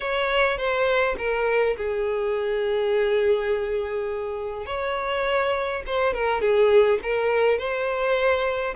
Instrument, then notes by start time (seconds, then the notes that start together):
violin
0.00 C#5
0.57 C5
1.18 A#4
1.77 G#4
4.66 C#5
5.86 C5
6.13 A#4
6.41 G#4
7.02 A#4
7.58 C5